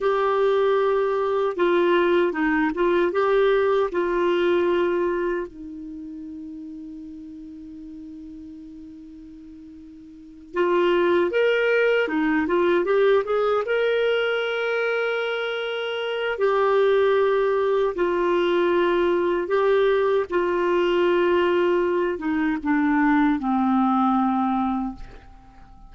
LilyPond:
\new Staff \with { instrumentName = "clarinet" } { \time 4/4 \tempo 4 = 77 g'2 f'4 dis'8 f'8 | g'4 f'2 dis'4~ | dis'1~ | dis'4. f'4 ais'4 dis'8 |
f'8 g'8 gis'8 ais'2~ ais'8~ | ais'4 g'2 f'4~ | f'4 g'4 f'2~ | f'8 dis'8 d'4 c'2 | }